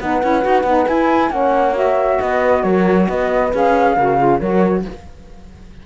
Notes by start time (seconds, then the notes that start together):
0.00 B3 D#4 B4 F#5
0.22 C#4 E4
0.41 D#4 F#4
0.63 B3 D#4
0.87 E4 G#5
1.30 A#3 C#4 C#5 F#5
1.73 F#4 E5
2.21 B3 B4 D#5
2.63 F#3 A#4 C#5
3.09 B3 B4 D#5
3.53 C#4 G#4 F5
3.96 C#3 F#4 A#4
4.18 F4 G#4
4.40 F#3 F#4 A#4 C#5